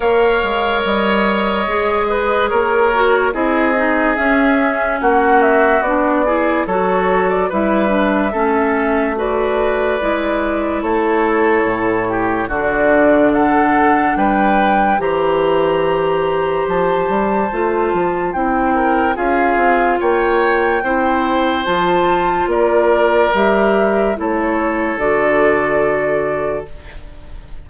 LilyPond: <<
  \new Staff \with { instrumentName = "flute" } { \time 4/4 \tempo 4 = 72 f''4 dis''2 cis''4 | dis''4 e''4 fis''8 e''8 d''4 | cis''8. d''16 e''2 d''4~ | d''4 cis''2 d''4 |
fis''4 g''4 ais''2 | a''2 g''4 f''4 | g''2 a''4 d''4 | e''4 cis''4 d''2 | }
  \new Staff \with { instrumentName = "oboe" } { \time 4/4 cis''2~ cis''8 b'8 ais'4 | gis'2 fis'4. gis'8 | a'4 b'4 a'4 b'4~ | b'4 a'4. g'8 fis'4 |
a'4 b'4 c''2~ | c''2~ c''8 ais'8 gis'4 | cis''4 c''2 ais'4~ | ais'4 a'2. | }
  \new Staff \with { instrumentName = "clarinet" } { \time 4/4 ais'2 gis'4. fis'8 | e'8 dis'8 cis'2 d'8 e'8 | fis'4 e'8 d'8 cis'4 fis'4 | e'2. d'4~ |
d'2 g'2~ | g'4 f'4 e'4 f'4~ | f'4 e'4 f'2 | g'4 e'4 fis'2 | }
  \new Staff \with { instrumentName = "bassoon" } { \time 4/4 ais8 gis8 g4 gis4 ais4 | c'4 cis'4 ais4 b4 | fis4 g4 a2 | gis4 a4 a,4 d4~ |
d4 g4 e2 | f8 g8 a8 f8 c'4 cis'8 c'8 | ais4 c'4 f4 ais4 | g4 a4 d2 | }
>>